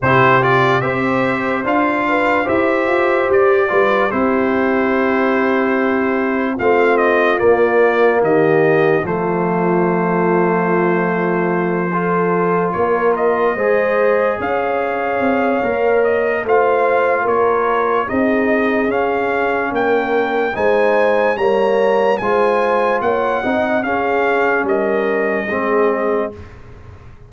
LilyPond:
<<
  \new Staff \with { instrumentName = "trumpet" } { \time 4/4 \tempo 4 = 73 c''8 d''8 e''4 f''4 e''4 | d''4 c''2. | f''8 dis''8 d''4 dis''4 c''4~ | c''2.~ c''8 cis''8 |
dis''4. f''2 dis''8 | f''4 cis''4 dis''4 f''4 | g''4 gis''4 ais''4 gis''4 | fis''4 f''4 dis''2 | }
  \new Staff \with { instrumentName = "horn" } { \time 4/4 g'4 c''4. b'8 c''4~ | c''8 b'8 g'2. | f'2 g'4 f'4~ | f'2~ f'8 a'4 ais'8~ |
ais'8 c''4 cis''2~ cis''8 | c''4 ais'4 gis'2 | ais'4 c''4 cis''4 c''4 | cis''8 dis''8 gis'4 ais'4 gis'4 | }
  \new Staff \with { instrumentName = "trombone" } { \time 4/4 e'8 f'8 g'4 f'4 g'4~ | g'8 f'8 e'2. | c'4 ais2 a4~ | a2~ a8 f'4.~ |
f'8 gis'2~ gis'8 ais'4 | f'2 dis'4 cis'4~ | cis'4 dis'4 ais4 f'4~ | f'8 dis'8 cis'2 c'4 | }
  \new Staff \with { instrumentName = "tuba" } { \time 4/4 c4 c'4 d'4 e'8 f'8 | g'8 g8 c'2. | a4 ais4 dis4 f4~ | f2.~ f8 ais8~ |
ais8 gis4 cis'4 c'8 ais4 | a4 ais4 c'4 cis'4 | ais4 gis4 g4 gis4 | ais8 c'8 cis'4 g4 gis4 | }
>>